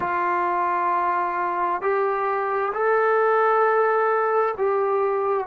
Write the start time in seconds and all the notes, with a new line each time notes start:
0.00 F4
1.81 G4
2.73 A4
4.57 G4